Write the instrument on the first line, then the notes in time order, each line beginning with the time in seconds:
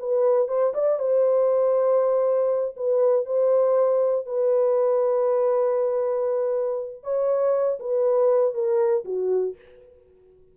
horn
0.00 B4
0.49 C5
0.74 D5
0.99 C5
2.77 B4
3.26 C5
4.27 B4
7.03 C#5
7.80 B4
8.54 A#4
9.05 F#4